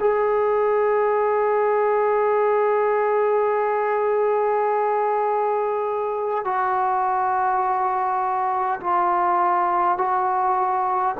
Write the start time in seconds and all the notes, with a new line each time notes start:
0.00 G#4
6.45 F#4
8.81 F4
9.98 F#4